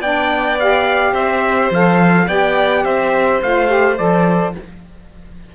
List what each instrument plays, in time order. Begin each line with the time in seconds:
0.00 cello B3, saxophone D4, violin D5, trumpet G5
0.60 saxophone G4, trumpet F5
1.13 cello C4, violin C5, trumpet E5
1.71 cello F3, saxophone A4, trumpet F5
2.27 cello B3, saxophone G4, violin D5, trumpet G5
2.85 cello C4, violin C5, trumpet E5
3.42 cello A3, saxophone F4, trumpet F5
3.68 saxophone G4
3.98 cello F3, saxophone A4, trumpet D5